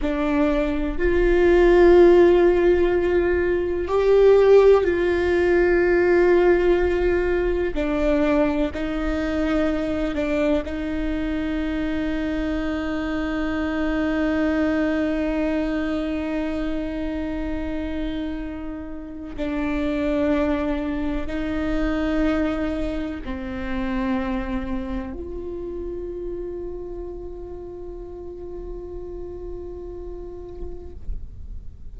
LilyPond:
\new Staff \with { instrumentName = "viola" } { \time 4/4 \tempo 4 = 62 d'4 f'2. | g'4 f'2. | d'4 dis'4. d'8 dis'4~ | dis'1~ |
dis'1 | d'2 dis'2 | c'2 f'2~ | f'1 | }